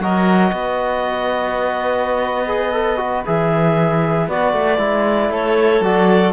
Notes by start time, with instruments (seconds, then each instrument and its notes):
0.00 cello F#3, trombone F#4, violin A#4, clarinet D#5
0.52 cello B3, violin B4
2.47 trombone G#4
2.73 trombone A4
2.97 trombone F#4
3.26 cello E3, trombone G#4, clarinet E5
4.28 cello B3, trombone F#4, clarinet D5
4.53 cello A3
4.78 cello G#3, trombone E4
5.29 cello A3, violin A4, clarinet C#5
5.80 cello F#3, trombone F#4, clarinet D5